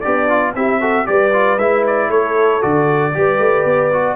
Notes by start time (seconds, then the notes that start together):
0.00 B3 D4 G4 D5
0.28 F4
0.54 C4 E4 G4 E5
0.80 F#4 A4
1.05 G3 G4 B4 D5
1.32 F4
1.57 G#3 E4 E5
1.86 D5
2.09 A3 A4 C#5
2.60 D3 F#4 D5
3.13 G3 G4 B4
3.38 A3
3.64 B3
3.92 F#4